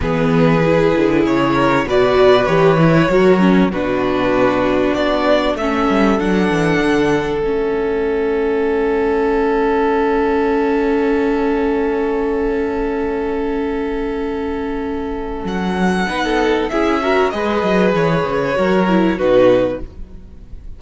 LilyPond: <<
  \new Staff \with { instrumentName = "violin" } { \time 4/4 \tempo 4 = 97 b'2 cis''4 d''4 | cis''2 b'2 | d''4 e''4 fis''2 | e''1~ |
e''1~ | e''1~ | e''4 fis''2 e''4 | dis''4 cis''2 b'4 | }
  \new Staff \with { instrumentName = "violin" } { \time 4/4 gis'2~ gis'8 ais'8 b'4~ | b'4 ais'4 fis'2~ | fis'4 a'2.~ | a'1~ |
a'1~ | a'1~ | a'2 b'16 a'8. gis'8 ais'8 | b'2 ais'4 fis'4 | }
  \new Staff \with { instrumentName = "viola" } { \time 4/4 b4 e'2 fis'4 | g'8 e'8 fis'8 cis'8 d'2~ | d'4 cis'4 d'2 | cis'1~ |
cis'1~ | cis'1~ | cis'2 dis'4 e'8 fis'8 | gis'2 fis'8 e'8 dis'4 | }
  \new Staff \with { instrumentName = "cello" } { \time 4/4 e4. d8 cis4 b,4 | e4 fis4 b,2 | b4 a8 g8 fis8 e8 d4 | a1~ |
a1~ | a1~ | a4 fis4 b4 cis'4 | gis8 fis8 e8 cis8 fis4 b,4 | }
>>